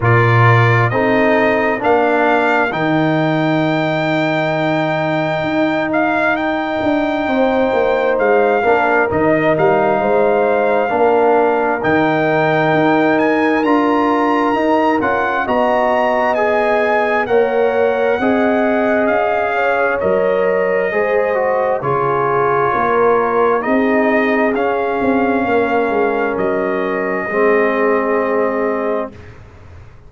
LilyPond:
<<
  \new Staff \with { instrumentName = "trumpet" } { \time 4/4 \tempo 4 = 66 d''4 dis''4 f''4 g''4~ | g''2~ g''8 f''8 g''4~ | g''4 f''4 dis''8 f''4.~ | f''4 g''4. gis''8 ais''4~ |
ais''8 fis''8 ais''4 gis''4 fis''4~ | fis''4 f''4 dis''2 | cis''2 dis''4 f''4~ | f''4 dis''2. | }
  \new Staff \with { instrumentName = "horn" } { \time 4/4 ais'4 a'4 ais'2~ | ais'1 | c''4. ais'4. c''4 | ais'1~ |
ais'4 dis''2 cis''4 | dis''4. cis''4. c''4 | gis'4 ais'4 gis'2 | ais'2 gis'2 | }
  \new Staff \with { instrumentName = "trombone" } { \time 4/4 f'4 dis'4 d'4 dis'4~ | dis'1~ | dis'4. d'8 dis'2 | d'4 dis'2 f'4 |
dis'8 f'8 fis'4 gis'4 ais'4 | gis'2 ais'4 gis'8 fis'8 | f'2 dis'4 cis'4~ | cis'2 c'2 | }
  \new Staff \with { instrumentName = "tuba" } { \time 4/4 ais,4 c'4 ais4 dis4~ | dis2 dis'4. d'8 | c'8 ais8 gis8 ais8 dis8 g8 gis4 | ais4 dis4 dis'4 d'4 |
dis'8 cis'8 b2 ais4 | c'4 cis'4 fis4 gis4 | cis4 ais4 c'4 cis'8 c'8 | ais8 gis8 fis4 gis2 | }
>>